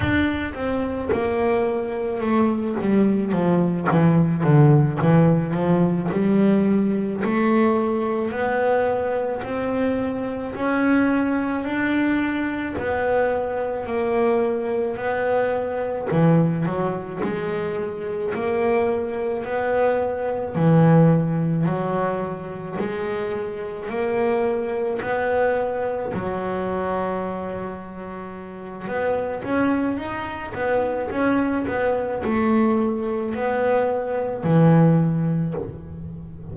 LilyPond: \new Staff \with { instrumentName = "double bass" } { \time 4/4 \tempo 4 = 54 d'8 c'8 ais4 a8 g8 f8 e8 | d8 e8 f8 g4 a4 b8~ | b8 c'4 cis'4 d'4 b8~ | b8 ais4 b4 e8 fis8 gis8~ |
gis8 ais4 b4 e4 fis8~ | fis8 gis4 ais4 b4 fis8~ | fis2 b8 cis'8 dis'8 b8 | cis'8 b8 a4 b4 e4 | }